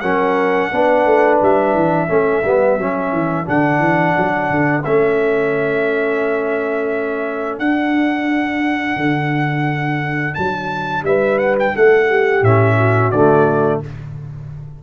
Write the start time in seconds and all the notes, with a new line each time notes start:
0.00 F#3 C#4 A#4 F#5
0.72 B3 D4 B4
1.06 A3
1.42 G3 E5
1.75 E3
2.08 A3 C#4 A4
2.44 G3 B3
2.78 F#3 C#4
3.12 E3
3.45 D3 D4 F#5
3.80 E3
4.17 F#3
4.51 D3
4.84 A3 C#4 E5
7.59 D4 F#5
8.97 D3
10.34 F#3 A5
11.03 G3 B4 E5
11.39 F#5
11.59 G5
11.76 A3 A4 F#5
12.09 G4
12.42 A2 C#4 E5
12.77 F#4
13.11 D3 A3 D5